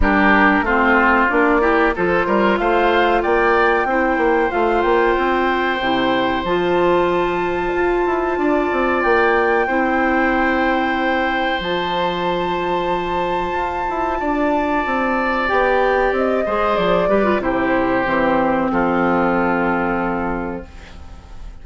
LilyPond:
<<
  \new Staff \with { instrumentName = "flute" } { \time 4/4 \tempo 4 = 93 ais'4 c''4 d''4 c''4 | f''4 g''2 f''8 g''8~ | g''2 a''2~ | a''2 g''2~ |
g''2 a''2~ | a''1 | g''4 dis''4 d''4 c''4~ | c''4 a'2. | }
  \new Staff \with { instrumentName = "oboe" } { \time 4/4 g'4 f'4. g'8 a'8 ais'8 | c''4 d''4 c''2~ | c''1~ | c''4 d''2 c''4~ |
c''1~ | c''2 d''2~ | d''4. c''4 b'8 g'4~ | g'4 f'2. | }
  \new Staff \with { instrumentName = "clarinet" } { \time 4/4 d'4 c'4 d'8 e'8 f'4~ | f'2 e'4 f'4~ | f'4 e'4 f'2~ | f'2. e'4~ |
e'2 f'2~ | f'1 | g'4. gis'4 g'16 f'16 e'4 | c'1 | }
  \new Staff \with { instrumentName = "bassoon" } { \time 4/4 g4 a4 ais4 f8 g8 | a4 ais4 c'8 ais8 a8 ais8 | c'4 c4 f2 | f'8 e'8 d'8 c'8 ais4 c'4~ |
c'2 f2~ | f4 f'8 e'8 d'4 c'4 | b4 c'8 gis8 f8 g8 c4 | e4 f2. | }
>>